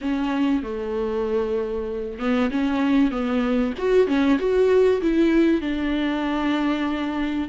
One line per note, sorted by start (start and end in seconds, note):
0.01 0.62 C#4
0.62 2.19 A3
2.19 2.50 B3
2.50 3.11 C#4
3.11 3.73 B3
3.78 4.07 F#4
4.07 4.38 C#4
4.38 5.01 F#4
5.01 5.61 E4
5.61 7.48 D4